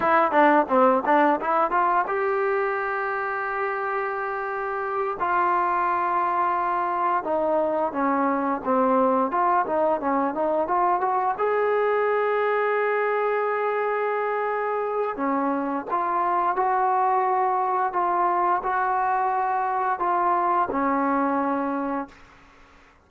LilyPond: \new Staff \with { instrumentName = "trombone" } { \time 4/4 \tempo 4 = 87 e'8 d'8 c'8 d'8 e'8 f'8 g'4~ | g'2.~ g'8 f'8~ | f'2~ f'8 dis'4 cis'8~ | cis'8 c'4 f'8 dis'8 cis'8 dis'8 f'8 |
fis'8 gis'2.~ gis'8~ | gis'2 cis'4 f'4 | fis'2 f'4 fis'4~ | fis'4 f'4 cis'2 | }